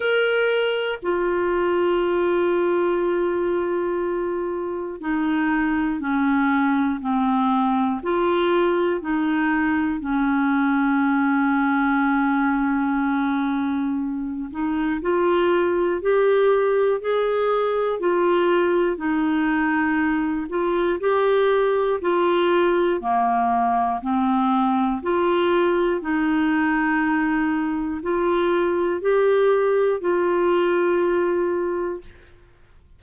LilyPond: \new Staff \with { instrumentName = "clarinet" } { \time 4/4 \tempo 4 = 60 ais'4 f'2.~ | f'4 dis'4 cis'4 c'4 | f'4 dis'4 cis'2~ | cis'2~ cis'8 dis'8 f'4 |
g'4 gis'4 f'4 dis'4~ | dis'8 f'8 g'4 f'4 ais4 | c'4 f'4 dis'2 | f'4 g'4 f'2 | }